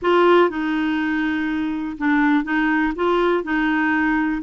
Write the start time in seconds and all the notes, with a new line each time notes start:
0.01 F4
0.49 D#4
1.98 D4
2.44 D#4
2.95 F4
3.43 D#4